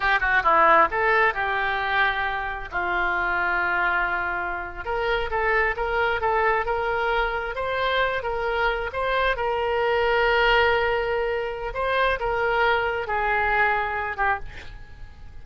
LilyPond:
\new Staff \with { instrumentName = "oboe" } { \time 4/4 \tempo 4 = 133 g'8 fis'8 e'4 a'4 g'4~ | g'2 f'2~ | f'2~ f'8. ais'4 a'16~ | a'8. ais'4 a'4 ais'4~ ais'16~ |
ais'8. c''4. ais'4. c''16~ | c''8. ais'2.~ ais'16~ | ais'2 c''4 ais'4~ | ais'4 gis'2~ gis'8 g'8 | }